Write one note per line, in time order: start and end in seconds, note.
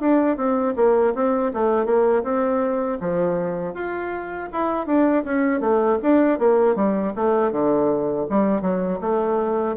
0.00 0.37 D4
0.37 0.74 C4
0.76 1.14 A#3
1.15 1.52 C4
1.54 1.85 A3
1.85 2.23 A#3
2.23 2.98 C4
3.00 3.74 F3
3.74 4.49 F4
4.52 4.86 E4
4.86 5.24 D4
5.24 5.60 C#4
5.60 5.98 A3
6.02 6.39 D4
6.39 6.76 A#3
6.76 7.13 G3
7.16 7.52 A3
7.52 8.27 D3
8.29 8.61 G3
8.61 8.99 F#3
9.01 9.76 A3